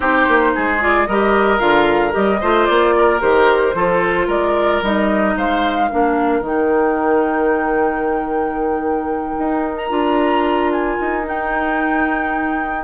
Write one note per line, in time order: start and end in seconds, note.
0.00 0.27 C4
0.00 0.79 D#4
0.00 0.51 G4
0.00 0.82 C5
0.27 0.54 A#3
0.55 1.07 G#3
0.55 1.08 G#4
0.79 1.06 F4
0.79 1.06 D5
1.06 1.59 G3
1.06 1.58 G4
1.06 2.40 A#4
1.06 1.58 D#5
1.58 2.13 D3
1.58 2.11 F4
1.58 2.12 F5
2.11 2.41 G3
2.11 2.38 G4
2.11 2.66 D#5
2.40 2.68 A3
2.40 3.20 F4
2.40 2.94 C5
2.66 3.21 A#3
2.66 3.19 D5
2.97 3.75 A#4
3.20 3.74 D#3
3.20 3.73 G4
3.20 4.28 C5
3.74 4.27 F3
3.74 4.82 F4
3.74 4.27 A4
4.27 4.81 G#3
4.27 5.34 A#4
4.27 4.83 D5
4.81 5.35 G3
4.81 5.90 D#4
4.81 5.37 D#5
5.36 5.90 G#3
5.36 5.90 C5
5.36 6.42 F5
5.90 6.40 A#3
5.90 6.43 D4
5.90 12.83 A#4
6.40 9.35 D#3
6.40 9.89 D#4
6.40 9.77 G5
9.38 9.90 D#4
9.77 10.70 A#5
9.89 10.97 D4
9.89 11.23 F4
10.72 11.25 G#5
10.99 12.83 D#4
11.24 12.83 D#4
11.24 12.83 G5